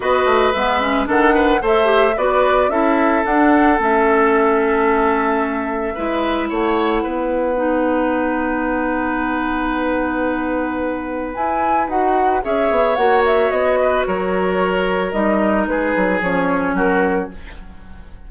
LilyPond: <<
  \new Staff \with { instrumentName = "flute" } { \time 4/4 \tempo 4 = 111 dis''4 e''4 fis''4 e''4 | d''4 e''4 fis''4 e''4~ | e''1 | fis''1~ |
fis''1~ | fis''4 gis''4 fis''4 e''4 | fis''8 e''8 dis''4 cis''2 | dis''4 b'4 cis''4 ais'4 | }
  \new Staff \with { instrumentName = "oboe" } { \time 4/4 b'2 a'8 b'8 c''4 | b'4 a'2.~ | a'2. b'4 | cis''4 b'2.~ |
b'1~ | b'2. cis''4~ | cis''4. b'8 ais'2~ | ais'4 gis'2 fis'4 | }
  \new Staff \with { instrumentName = "clarinet" } { \time 4/4 fis'4 b8 cis'8 d'4 a'8 g'8 | fis'4 e'4 d'4 cis'4~ | cis'2. e'4~ | e'2 dis'2~ |
dis'1~ | dis'4 e'4 fis'4 gis'4 | fis'1 | dis'2 cis'2 | }
  \new Staff \with { instrumentName = "bassoon" } { \time 4/4 b8 a8 gis4 dis4 a4 | b4 cis'4 d'4 a4~ | a2. gis4 | a4 b2.~ |
b1~ | b4 e'4 dis'4 cis'8 b8 | ais4 b4 fis2 | g4 gis8 fis8 f4 fis4 | }
>>